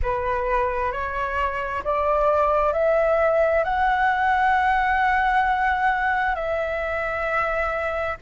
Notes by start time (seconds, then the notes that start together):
0.02 B4
0.92 C#5
1.84 D5
2.73 E5
3.64 F#5
6.35 E5